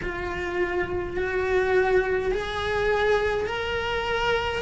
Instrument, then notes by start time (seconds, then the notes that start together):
cello
0.02 F4
1.16 F#4
2.31 G#4
3.46 A#4